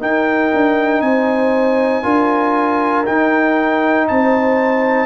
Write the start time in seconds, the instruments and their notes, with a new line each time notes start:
0.00 trombone D#4, tuba D#4, horn A#4, trumpet G5
0.54 tuba D4
1.01 tuba C4, horn C5, trumpet G#5
2.03 tuba D4, trombone F4, horn A#4
3.06 trombone D#4, tuba D#4, trumpet G5
4.08 tuba C4, horn C5, trumpet A5